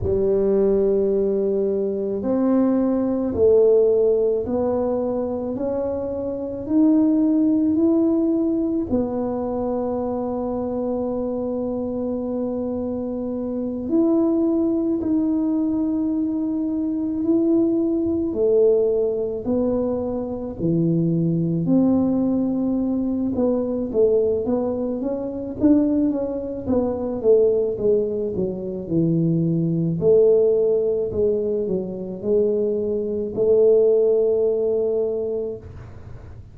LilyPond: \new Staff \with { instrumentName = "tuba" } { \time 4/4 \tempo 4 = 54 g2 c'4 a4 | b4 cis'4 dis'4 e'4 | b1~ | b8 e'4 dis'2 e'8~ |
e'8 a4 b4 e4 c'8~ | c'4 b8 a8 b8 cis'8 d'8 cis'8 | b8 a8 gis8 fis8 e4 a4 | gis8 fis8 gis4 a2 | }